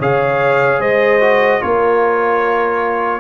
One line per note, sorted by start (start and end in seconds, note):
0.00 0.80 C#3
0.00 1.21 G#4
0.00 0.81 C#5
0.00 0.81 F5
0.80 1.61 G#3
0.80 1.62 C5
0.80 1.62 D#5
1.21 1.61 F#4
1.61 3.20 A#3
1.61 3.20 F4
1.61 3.20 A#4
1.61 3.20 C#5